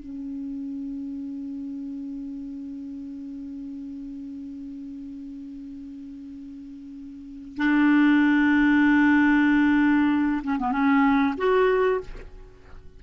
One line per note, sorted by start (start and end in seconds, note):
0.00 7.58 C#4
7.58 10.42 D4
10.43 10.59 C#4
10.59 10.72 B3
10.72 11.35 C#4
11.38 12.01 F#4